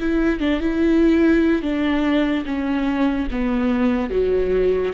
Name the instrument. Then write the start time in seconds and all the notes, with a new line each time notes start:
viola
0.00 E4
0.40 D4
0.61 E4
1.62 D4
2.46 C#4
3.31 B3
4.11 F#3